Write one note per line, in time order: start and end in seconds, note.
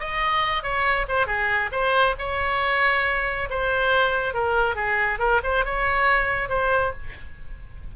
0.00 0.63 D#5
0.63 1.07 C#5
1.08 1.27 C5
1.27 1.70 G#4
1.72 2.15 C5
2.19 3.49 C#5
3.50 4.34 C5
4.34 4.75 A#4
4.75 5.19 G#4
5.19 5.41 A#4
5.44 5.65 C5
5.65 6.49 C#5
6.49 6.92 C5